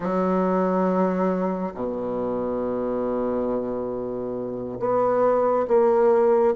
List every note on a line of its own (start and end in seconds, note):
0.00 1.73 F#3
1.74 4.78 B2
4.79 5.66 B3
5.67 6.54 A#3